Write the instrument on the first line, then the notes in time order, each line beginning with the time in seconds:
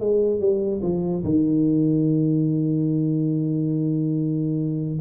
tuba
0.00 G#3
0.41 G3
0.82 F3
1.24 D#3